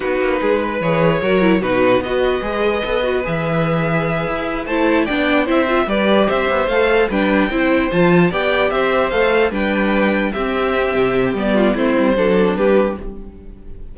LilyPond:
<<
  \new Staff \with { instrumentName = "violin" } { \time 4/4 \tempo 4 = 148 b'2 cis''2 | b'4 dis''2. | e''2.~ e''8 a''8~ | a''8 g''4 e''4 d''4 e''8~ |
e''8 f''4 g''2 a''8~ | a''8 g''4 e''4 f''4 g''8~ | g''4. e''2~ e''8 | d''4 c''2 b'4 | }
  \new Staff \with { instrumentName = "violin" } { \time 4/4 fis'4 gis'8 b'4. ais'4 | fis'4 b'2.~ | b'2.~ b'8 c''8~ | c''8 d''4 c''4 b'4 c''8~ |
c''4. b'4 c''4.~ | c''8 d''4 c''2 b'8~ | b'4. g'2~ g'8~ | g'8 f'8 e'4 a'4 g'4 | }
  \new Staff \with { instrumentName = "viola" } { \time 4/4 dis'2 gis'4 fis'8 e'8 | dis'4 fis'4 gis'4 a'8 fis'8 | gis'2.~ gis'8 e'8~ | e'8 d'4 e'8 f'8 g'4.~ |
g'8 a'4 d'4 e'4 f'8~ | f'8 g'2 a'4 d'8~ | d'4. c'2~ c'8 | b4 c'4 d'2 | }
  \new Staff \with { instrumentName = "cello" } { \time 4/4 b8 ais8 gis4 e4 fis4 | b,4 b4 gis4 b4 | e2~ e8 e'4 a8~ | a8 b4 c'4 g4 c'8 |
b8 a4 g4 c'4 f8~ | f8 b4 c'4 a4 g8~ | g4. c'4. c4 | g4 a8 g8 fis4 g4 | }
>>